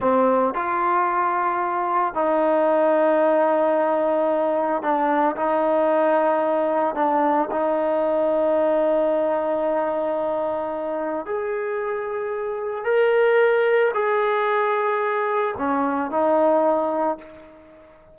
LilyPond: \new Staff \with { instrumentName = "trombone" } { \time 4/4 \tempo 4 = 112 c'4 f'2. | dis'1~ | dis'4 d'4 dis'2~ | dis'4 d'4 dis'2~ |
dis'1~ | dis'4 gis'2. | ais'2 gis'2~ | gis'4 cis'4 dis'2 | }